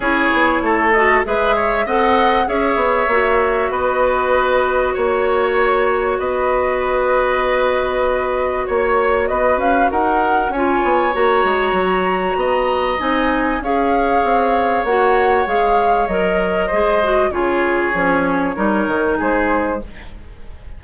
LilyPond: <<
  \new Staff \with { instrumentName = "flute" } { \time 4/4 \tempo 4 = 97 cis''4. dis''8 e''4 fis''4 | e''2 dis''2 | cis''2 dis''2~ | dis''2 cis''4 dis''8 f''8 |
fis''4 gis''4 ais''2~ | ais''4 gis''4 f''2 | fis''4 f''4 dis''2 | cis''2. c''4 | }
  \new Staff \with { instrumentName = "oboe" } { \time 4/4 gis'4 a'4 b'8 cis''8 dis''4 | cis''2 b'2 | cis''2 b'2~ | b'2 cis''4 b'4 |
ais'4 cis''2. | dis''2 cis''2~ | cis''2. c''4 | gis'2 ais'4 gis'4 | }
  \new Staff \with { instrumentName = "clarinet" } { \time 4/4 e'4. fis'8 gis'4 a'4 | gis'4 fis'2.~ | fis'1~ | fis'1~ |
fis'4 f'4 fis'2~ | fis'4 dis'4 gis'2 | fis'4 gis'4 ais'4 gis'8 fis'8 | f'4 cis'4 dis'2 | }
  \new Staff \with { instrumentName = "bassoon" } { \time 4/4 cis'8 b8 a4 gis4 c'4 | cis'8 b8 ais4 b2 | ais2 b2~ | b2 ais4 b8 cis'8 |
dis'4 cis'8 b8 ais8 gis8 fis4 | b4 c'4 cis'4 c'4 | ais4 gis4 fis4 gis4 | cis4 f4 g8 dis8 gis4 | }
>>